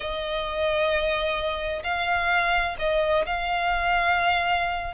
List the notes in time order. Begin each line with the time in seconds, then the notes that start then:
0.00 D#5
1.83 F5
2.79 D#5
3.25 F5